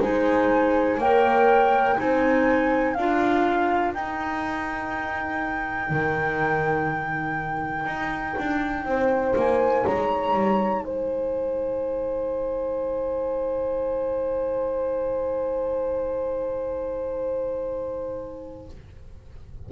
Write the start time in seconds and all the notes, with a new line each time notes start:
0.00 G#3 D#4 C5 G#5
0.98 A#3 A#4 C#5 G5
1.97 C4 D#4 C5 G#5
2.94 D4 F4 A#4 F5
3.94 D#4 G5
5.90 D#3
7.85 D#4
8.38 D4
8.85 C4 C5
9.35 A#3 G#5
9.85 G#3 C#5 A#5
10.33 G3
10.79 G#3 C5 G#5